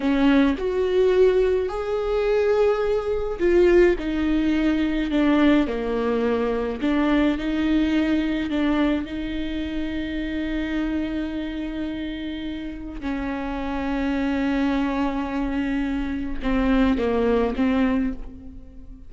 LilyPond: \new Staff \with { instrumentName = "viola" } { \time 4/4 \tempo 4 = 106 cis'4 fis'2 gis'4~ | gis'2 f'4 dis'4~ | dis'4 d'4 ais2 | d'4 dis'2 d'4 |
dis'1~ | dis'2. cis'4~ | cis'1~ | cis'4 c'4 ais4 c'4 | }